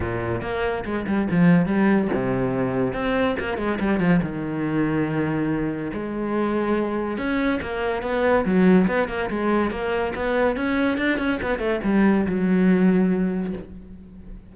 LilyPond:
\new Staff \with { instrumentName = "cello" } { \time 4/4 \tempo 4 = 142 ais,4 ais4 gis8 g8 f4 | g4 c2 c'4 | ais8 gis8 g8 f8 dis2~ | dis2 gis2~ |
gis4 cis'4 ais4 b4 | fis4 b8 ais8 gis4 ais4 | b4 cis'4 d'8 cis'8 b8 a8 | g4 fis2. | }